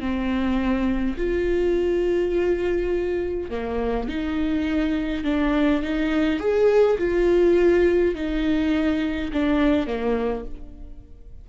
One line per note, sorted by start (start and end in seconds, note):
0.00 1.17 C4
1.17 3.50 F4
3.50 4.09 A#3
4.09 5.24 D#4
5.24 5.82 D4
5.83 6.39 D#4
6.39 6.98 G#4
6.98 8.15 F4
8.15 9.32 D#4
9.33 9.87 D4
9.87 10.45 A#3